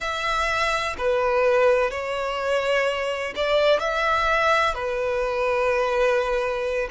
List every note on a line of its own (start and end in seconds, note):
0.00 0.96 E5
0.97 1.90 B4
1.90 3.33 C#5
3.35 3.79 D5
3.79 4.74 E5
4.74 6.88 B4